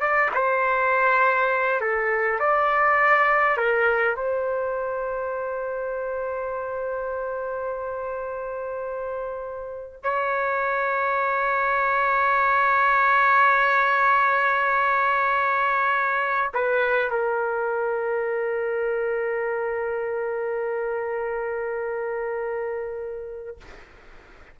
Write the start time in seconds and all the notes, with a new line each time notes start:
0.00 D5
0.34 C5
1.80 A4
2.39 D5
3.57 A#4
4.15 C5
10.03 C#5
16.53 B4
17.10 A#4